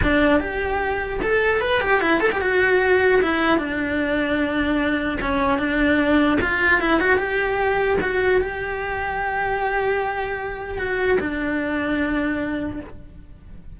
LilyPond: \new Staff \with { instrumentName = "cello" } { \time 4/4 \tempo 4 = 150 d'4 g'2 a'4 | b'8 g'8 e'8 a'16 g'16 fis'2 | e'4 d'2.~ | d'4 cis'4 d'2 |
f'4 e'8 fis'8 g'2 | fis'4 g'2.~ | g'2. fis'4 | d'1 | }